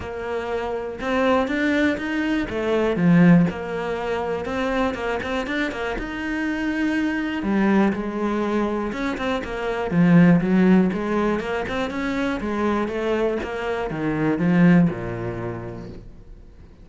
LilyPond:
\new Staff \with { instrumentName = "cello" } { \time 4/4 \tempo 4 = 121 ais2 c'4 d'4 | dis'4 a4 f4 ais4~ | ais4 c'4 ais8 c'8 d'8 ais8 | dis'2. g4 |
gis2 cis'8 c'8 ais4 | f4 fis4 gis4 ais8 c'8 | cis'4 gis4 a4 ais4 | dis4 f4 ais,2 | }